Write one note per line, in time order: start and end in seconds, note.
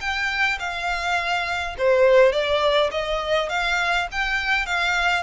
0.00 0.58 G5
0.59 1.75 F5
1.77 2.32 C5
2.32 2.90 D5
2.91 3.49 D#5
3.49 4.07 F5
4.11 4.65 G5
4.65 5.23 F5